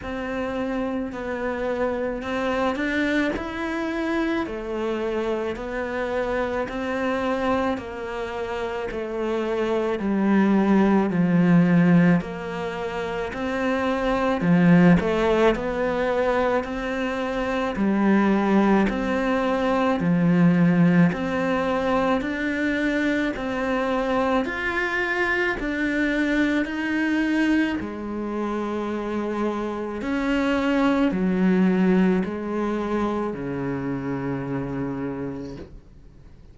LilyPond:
\new Staff \with { instrumentName = "cello" } { \time 4/4 \tempo 4 = 54 c'4 b4 c'8 d'8 e'4 | a4 b4 c'4 ais4 | a4 g4 f4 ais4 | c'4 f8 a8 b4 c'4 |
g4 c'4 f4 c'4 | d'4 c'4 f'4 d'4 | dis'4 gis2 cis'4 | fis4 gis4 cis2 | }